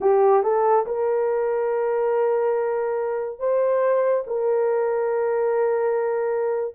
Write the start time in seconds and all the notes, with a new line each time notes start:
0.00 G4
0.43 A4
0.86 A#4
3.39 C5
4.27 A#4